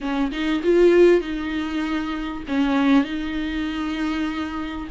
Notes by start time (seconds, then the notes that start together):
0.00 C#4
0.31 D#4
0.63 F4
1.21 D#4
2.48 C#4
3.04 D#4